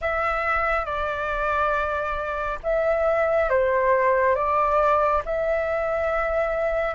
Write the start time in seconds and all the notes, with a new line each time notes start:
0.01 E5
0.85 D5
2.63 E5
3.49 C5
4.35 D5
5.25 E5